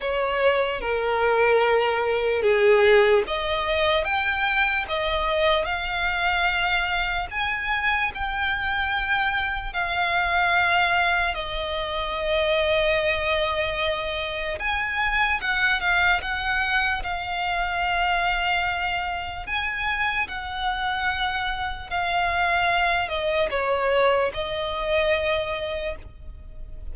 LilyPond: \new Staff \with { instrumentName = "violin" } { \time 4/4 \tempo 4 = 74 cis''4 ais'2 gis'4 | dis''4 g''4 dis''4 f''4~ | f''4 gis''4 g''2 | f''2 dis''2~ |
dis''2 gis''4 fis''8 f''8 | fis''4 f''2. | gis''4 fis''2 f''4~ | f''8 dis''8 cis''4 dis''2 | }